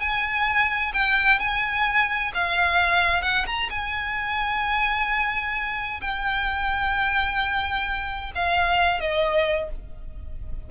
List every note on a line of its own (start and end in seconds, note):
0.00 0.92 G#5
0.93 1.40 G5
1.40 2.32 G#5
2.34 3.22 F5
3.22 3.45 F#5
3.46 3.69 A#5
3.70 6.00 G#5
6.01 8.32 G5
8.35 9.00 F5
9.00 9.69 D#5